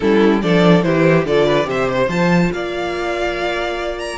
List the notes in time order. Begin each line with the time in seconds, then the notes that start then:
0.00 G3 C#4 E4 A4
0.42 F3 D4 A4 D5
0.82 E3 E4 G4 C5
1.24 D3 F4 A4 D5
1.45 B4
1.64 C3 G4 C5 E5
1.88 C5
2.07 F3 F4 A5
2.53 A#3 D5 F5
3.99 A#5